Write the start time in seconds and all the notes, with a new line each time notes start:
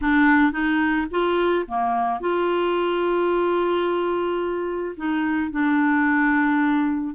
0.01 D4
0.52 D#4
1.10 F4
1.67 A#3
2.20 F4
4.96 D#4
5.51 D4